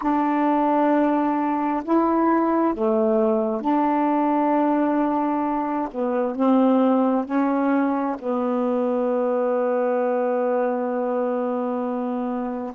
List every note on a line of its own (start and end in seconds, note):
0.01 1.83 D4
1.84 2.74 E4
2.74 3.61 A3
3.61 5.88 D4
5.91 6.35 B3
6.35 7.25 C4
7.25 8.16 C#4
8.18 12.73 B3